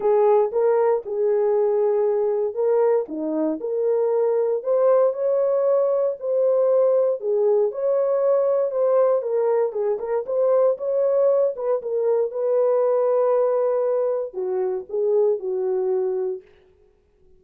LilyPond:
\new Staff \with { instrumentName = "horn" } { \time 4/4 \tempo 4 = 117 gis'4 ais'4 gis'2~ | gis'4 ais'4 dis'4 ais'4~ | ais'4 c''4 cis''2 | c''2 gis'4 cis''4~ |
cis''4 c''4 ais'4 gis'8 ais'8 | c''4 cis''4. b'8 ais'4 | b'1 | fis'4 gis'4 fis'2 | }